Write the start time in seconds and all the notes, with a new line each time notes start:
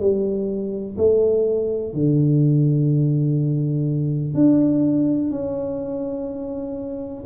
0.00 G3
0.98 A3
1.94 D3
4.34 D4
5.30 C#4